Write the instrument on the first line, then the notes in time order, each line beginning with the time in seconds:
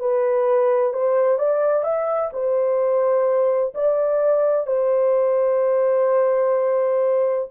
horn
0.00 B4
0.93 C5
1.38 D5
1.84 E5
2.33 C5
3.75 D5
4.67 C5